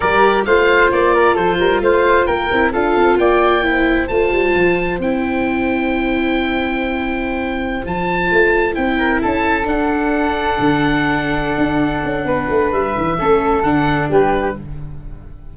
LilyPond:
<<
  \new Staff \with { instrumentName = "oboe" } { \time 4/4 \tempo 4 = 132 d''4 f''4 d''4 c''4 | f''4 g''4 f''4 g''4~ | g''4 a''2 g''4~ | g''1~ |
g''4~ g''16 a''2 g''8.~ | g''16 a''4 fis''2~ fis''8.~ | fis''1 | e''2 fis''4 b'4 | }
  \new Staff \with { instrumentName = "flute" } { \time 4/4 ais'4 c''4. ais'8 a'8 ais'8 | c''4 ais'4 a'4 d''4 | c''1~ | c''1~ |
c''2.~ c''8. ais'16~ | ais'16 a'2.~ a'8.~ | a'2. b'4~ | b'4 a'2 g'4 | }
  \new Staff \with { instrumentName = "viola" } { \time 4/4 g'4 f'2.~ | f'4. e'8 f'2 | e'4 f'2 e'4~ | e'1~ |
e'4~ e'16 f'2 e'8.~ | e'4~ e'16 d'2~ d'8.~ | d'1~ | d'4 cis'4 d'2 | }
  \new Staff \with { instrumentName = "tuba" } { \time 4/4 g4 a4 ais4 f8 g8 | a4 ais8 c'8 d'8 c'8 ais4~ | ais4 a8 g8 f4 c'4~ | c'1~ |
c'4~ c'16 f4 a4 c'8.~ | c'16 cis'4 d'2 d8.~ | d4. d'4 cis'8 b8 a8 | g8 e8 a4 d4 g4 | }
>>